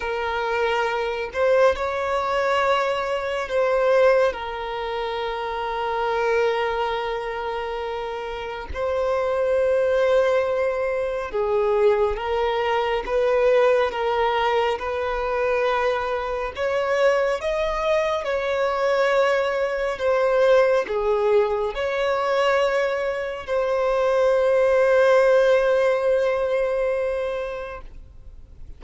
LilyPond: \new Staff \with { instrumentName = "violin" } { \time 4/4 \tempo 4 = 69 ais'4. c''8 cis''2 | c''4 ais'2.~ | ais'2 c''2~ | c''4 gis'4 ais'4 b'4 |
ais'4 b'2 cis''4 | dis''4 cis''2 c''4 | gis'4 cis''2 c''4~ | c''1 | }